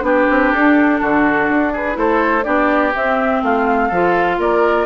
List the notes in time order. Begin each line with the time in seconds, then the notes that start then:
0.00 B3 D4 G4 B4
0.30 C4
0.52 D4 A4
1.00 D3 F#4
1.49 D4
1.73 G#4 B4
1.93 A3 E4 A4 C5
2.43 B3 D4 G4 D5
2.95 C4 E5
3.42 A3 F4 F5
3.88 F3 F4 A4
4.38 A#3 A#4 D5